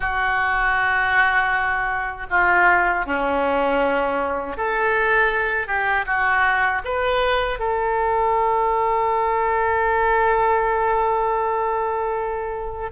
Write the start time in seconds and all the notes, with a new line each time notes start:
0.00 F#4
2.30 F4
3.05 C#4
4.57 A4
5.67 G4
6.06 F#4
6.84 B4
7.59 A4